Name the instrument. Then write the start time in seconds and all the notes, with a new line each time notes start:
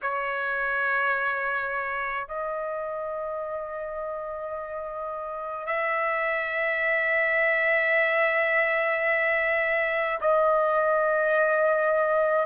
trumpet
0.02 C#5
2.27 D#5
5.66 E5
10.20 D#5